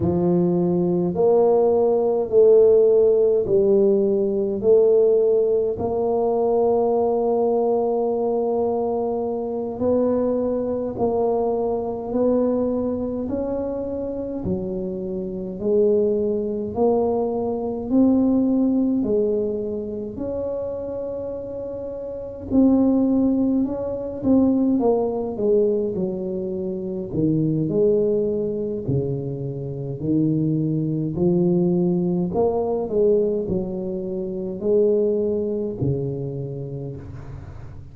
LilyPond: \new Staff \with { instrumentName = "tuba" } { \time 4/4 \tempo 4 = 52 f4 ais4 a4 g4 | a4 ais2.~ | ais8 b4 ais4 b4 cis'8~ | cis'8 fis4 gis4 ais4 c'8~ |
c'8 gis4 cis'2 c'8~ | c'8 cis'8 c'8 ais8 gis8 fis4 dis8 | gis4 cis4 dis4 f4 | ais8 gis8 fis4 gis4 cis4 | }